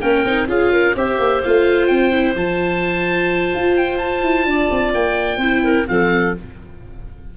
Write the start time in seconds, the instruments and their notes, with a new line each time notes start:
0.00 tuba A#3, viola C#4, clarinet A#4, oboe G5
0.25 tuba C4, viola D#4
0.47 tuba C#4, viola F4, clarinet G#4, oboe F5
0.72 clarinet A#4
0.95 tuba C4, viola G4, clarinet C5, oboe E5
1.19 tuba A#3
1.42 tuba A3, viola F4, oboe F5
1.86 tuba C4, oboe G5
2.12 viola E4
2.35 tuba F3, viola F4, oboe A5
3.54 tuba F4
3.77 oboe G5
3.98 oboe A5
4.22 tuba E4
4.45 tuba D4, clarinet D5
4.70 tuba C4
4.94 tuba A#3, oboe G5
5.37 tuba C4, viola E4, clarinet C5
5.64 clarinet A#4
5.86 tuba F3, viola C4, clarinet A4, oboe F5